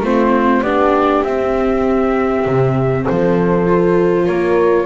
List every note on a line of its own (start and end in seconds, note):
0.00 0.61 A3
0.00 0.65 C4
0.00 0.62 F4
0.00 0.62 C5
0.62 1.22 B3
0.62 1.26 D4
0.62 3.05 G4
0.62 1.23 D5
1.23 2.45 C4
1.23 3.66 C4
1.23 3.05 E5
2.46 3.06 C3
3.06 4.29 F3
3.06 4.24 A4
3.06 4.26 C5
3.66 4.86 F4
4.24 4.86 A#3
4.24 4.85 A#4
4.24 4.86 C#5